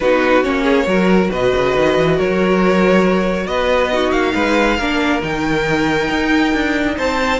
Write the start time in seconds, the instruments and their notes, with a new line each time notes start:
0.00 cello B3, viola D#4, violin F#4 B4
0.43 cello A#3, viola C#4, violin C#5
0.62 violin G#4
0.86 cello F#3, viola F#4, violin A#4
1.30 cello B2, violin B4 D#5
1.55 cello C#3
1.76 cello D#3
1.97 cello E3
2.16 cello F#3, violin A#4 C#5
3.45 cello B3, violin B4 D#5
3.90 viola D#4, violin F#4
4.11 cello A#3, violin F5
4.34 cello G#3, violin B4
4.77 cello A#3, viola D4, violin A#4
5.21 cello D#3, viola D#4, violin G5
6.10 cello D#4
6.53 cello D4
6.97 cello C4, violin C5 A5